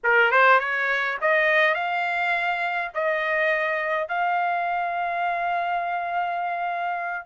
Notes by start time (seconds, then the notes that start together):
0.03 A#4
0.31 C5
0.59 C#5
1.21 D#5
1.74 F5
2.94 D#5
4.08 F5